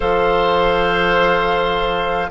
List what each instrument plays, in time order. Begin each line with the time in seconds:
0.00 bassoon F3, clarinet A4, oboe C5, flute F5